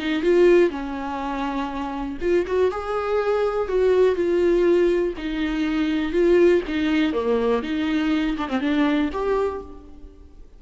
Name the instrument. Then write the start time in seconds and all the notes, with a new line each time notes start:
viola
0.00 D#4
0.23 F4
0.71 C#4
2.22 F4
2.47 F#4
2.71 G#4
3.69 F#4
4.16 F4
5.18 D#4
6.13 F4
6.68 D#4
7.14 A#3
7.63 D#4
8.38 D4
8.49 C4
8.61 D4
9.13 G4